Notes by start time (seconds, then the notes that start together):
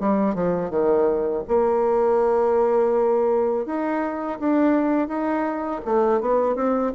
0.00 G3
0.35 F3
0.70 D#3
1.48 A#3
3.66 D#4
4.39 D4
5.08 D#4
5.85 A3
6.21 B3
6.56 C4